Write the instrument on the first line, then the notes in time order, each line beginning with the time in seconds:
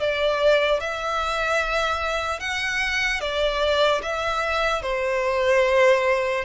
violin
0.00 D5
0.81 E5
2.40 F#5
3.21 D5
4.03 E5
4.83 C5